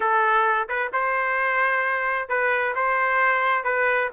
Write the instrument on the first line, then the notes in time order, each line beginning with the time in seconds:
trumpet
0.00 A4
0.68 B4
0.92 C5
2.28 B4
2.75 C5
3.63 B4